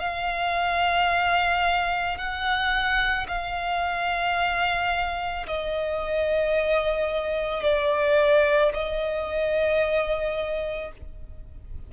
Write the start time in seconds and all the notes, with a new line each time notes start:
0.00 F5
2.18 F#5
3.28 F5
5.47 D#5
7.63 D5
8.74 D#5